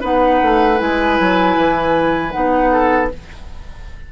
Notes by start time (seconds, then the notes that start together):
0.00 B3 D#4 B4 F#5
0.42 A3
0.77 G#3 E4 G#5
1.19 F#3
1.56 E3
2.31 B3 D#4 F#5
2.72 A4